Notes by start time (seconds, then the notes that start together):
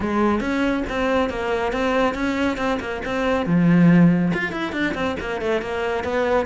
0.00 G#3
0.40 C#4
0.89 C4
1.29 A#3
1.72 C4
2.14 C#4
2.57 C4
2.80 A#3
3.05 C4
3.45 F3
4.33 F4
4.51 E4
4.72 D4
4.94 C4
5.20 A#3
5.41 A3
5.61 A#3
6.04 B3